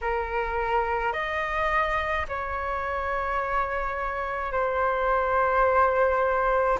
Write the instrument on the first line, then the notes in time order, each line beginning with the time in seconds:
flute
0.01 A#4
1.13 D#5
2.28 C#5
4.51 C5